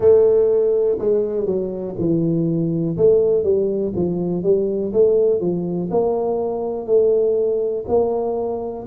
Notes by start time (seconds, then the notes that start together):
0.00 A3
0.98 G#3
1.45 F#3
1.98 E3
2.97 A3
3.43 G3
3.95 F3
4.43 G3
4.92 A3
5.40 F3
5.90 A#3
6.86 A3
7.88 A#3